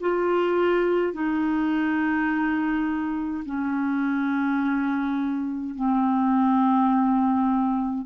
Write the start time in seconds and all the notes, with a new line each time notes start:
0.00 F4
1.13 D#4
3.45 C#4
5.75 C4